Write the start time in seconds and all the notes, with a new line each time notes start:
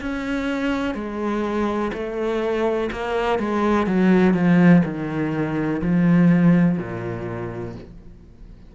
0.00 C#4
0.94 G#3
1.93 A3
2.91 A#3
3.38 G#3
3.86 F#3
4.33 F3
4.84 D#3
5.82 F3
6.78 A#2